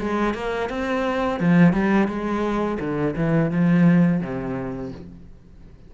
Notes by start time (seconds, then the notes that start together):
0.00 G#3
0.35 A#3
0.70 C4
1.40 F3
1.73 G3
2.08 G#3
2.80 D3
3.16 E3
3.51 F3
4.21 C3